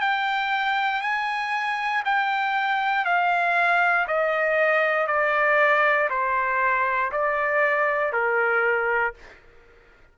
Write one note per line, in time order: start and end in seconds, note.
0.00 1.01 G5
1.01 2.03 G#5
2.04 3.05 G5
3.05 4.06 F5
4.07 5.07 D#5
5.07 6.08 D5
6.09 7.11 C5
7.11 8.12 D5
8.12 9.14 A#4